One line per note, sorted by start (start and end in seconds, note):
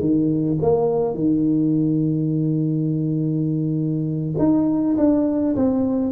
0.00 0.58 D#3
0.62 1.14 A#3
1.14 4.35 D#3
4.38 4.96 D#4
4.97 5.56 D4
5.56 6.12 C4